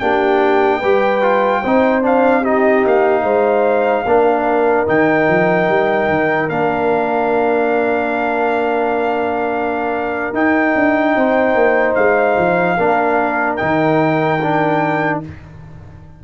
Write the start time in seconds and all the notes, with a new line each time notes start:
0.00 A#3 D4 G4 G5
0.79 G3 G4 B4
1.22 F4
1.62 C4 D#4 C5
2.03 D4 F5
2.41 D#4 G4 D#5
2.85 A#3 F5
3.23 G#3 C5
4.05 A#3 D4 A#4
4.87 D#3 D#4 G5
5.28 F3
5.68 G3
6.09 D#3
6.49 A#3 D4 F5
10.33 D#4 G5
10.75 D4
11.16 C4 C5
11.55 A#3
11.95 G#3 F5
12.38 F3
12.78 A#3 D4 A#4
13.56 D#3 D#4 G5
14.42 D4